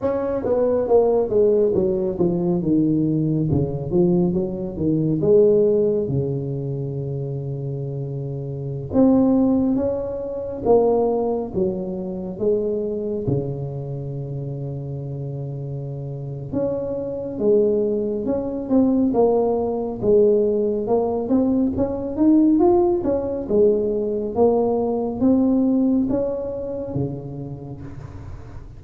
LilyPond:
\new Staff \with { instrumentName = "tuba" } { \time 4/4 \tempo 4 = 69 cis'8 b8 ais8 gis8 fis8 f8 dis4 | cis8 f8 fis8 dis8 gis4 cis4~ | cis2~ cis16 c'4 cis'8.~ | cis'16 ais4 fis4 gis4 cis8.~ |
cis2. cis'4 | gis4 cis'8 c'8 ais4 gis4 | ais8 c'8 cis'8 dis'8 f'8 cis'8 gis4 | ais4 c'4 cis'4 cis4 | }